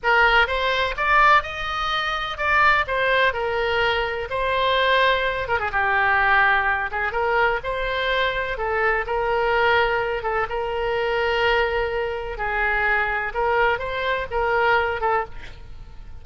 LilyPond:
\new Staff \with { instrumentName = "oboe" } { \time 4/4 \tempo 4 = 126 ais'4 c''4 d''4 dis''4~ | dis''4 d''4 c''4 ais'4~ | ais'4 c''2~ c''8 ais'16 gis'16 | g'2~ g'8 gis'8 ais'4 |
c''2 a'4 ais'4~ | ais'4. a'8 ais'2~ | ais'2 gis'2 | ais'4 c''4 ais'4. a'8 | }